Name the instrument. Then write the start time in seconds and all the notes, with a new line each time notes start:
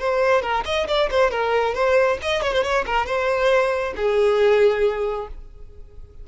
violin
0.00 C5
0.43 A#4
0.66 D#5
0.88 D5
1.11 C5
1.31 A#4
1.75 C5
2.22 D#5
2.43 C#5
2.53 C5
2.64 C#5
2.87 A#4
3.06 C5
3.97 G#4